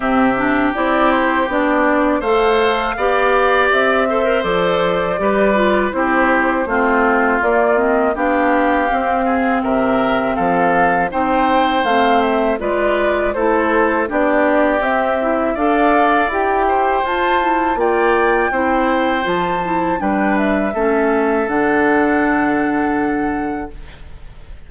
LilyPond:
<<
  \new Staff \with { instrumentName = "flute" } { \time 4/4 \tempo 4 = 81 e''4 d''8 c''8 d''4 f''4~ | f''4 e''4 d''2 | c''2 d''8 dis''8 f''4~ | f''4 e''4 f''4 g''4 |
f''8 e''8 d''4 c''4 d''4 | e''4 f''4 g''4 a''4 | g''2 a''4 g''8 e''8~ | e''4 fis''2. | }
  \new Staff \with { instrumentName = "oboe" } { \time 4/4 g'2. c''4 | d''4. c''4. b'4 | g'4 f'2 g'4~ | g'8 gis'8 ais'4 a'4 c''4~ |
c''4 b'4 a'4 g'4~ | g'4 d''4. c''4. | d''4 c''2 b'4 | a'1 | }
  \new Staff \with { instrumentName = "clarinet" } { \time 4/4 c'8 d'8 e'4 d'4 a'4 | g'4. a'16 ais'16 a'4 g'8 f'8 | e'4 c'4 ais8 c'8 d'4 | c'2. dis'4 |
c'4 f'4 e'4 d'4 | c'8 e'8 a'4 g'4 f'8 e'8 | f'4 e'4 f'8 e'8 d'4 | cis'4 d'2. | }
  \new Staff \with { instrumentName = "bassoon" } { \time 4/4 c4 c'4 b4 a4 | b4 c'4 f4 g4 | c'4 a4 ais4 b4 | c'4 c4 f4 c'4 |
a4 gis4 a4 b4 | c'4 d'4 e'4 f'4 | ais4 c'4 f4 g4 | a4 d2. | }
>>